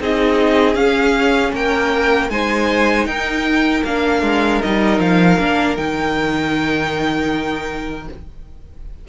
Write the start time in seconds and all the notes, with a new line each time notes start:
0.00 C4 D#4 G#4 D#5
0.75 C#4 F5
1.53 A#3 A#4 G5
2.29 G#3 D#4 C5 G#5
3.06 D#4 A#4 G5
3.84 A#3 D4 F5
4.22 G#3
4.62 G3 D#4 D#5
4.99 F3 F5
5.39 A#3 D4
5.77 D#3 D#4 G5